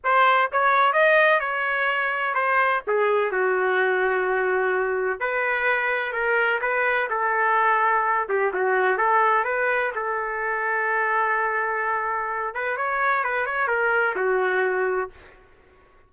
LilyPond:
\new Staff \with { instrumentName = "trumpet" } { \time 4/4 \tempo 4 = 127 c''4 cis''4 dis''4 cis''4~ | cis''4 c''4 gis'4 fis'4~ | fis'2. b'4~ | b'4 ais'4 b'4 a'4~ |
a'4. g'8 fis'4 a'4 | b'4 a'2.~ | a'2~ a'8 b'8 cis''4 | b'8 cis''8 ais'4 fis'2 | }